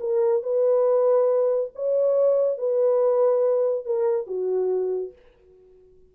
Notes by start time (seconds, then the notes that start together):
0.00 A#4
0.43 B4
1.75 C#5
2.58 B4
3.85 A#4
4.27 F#4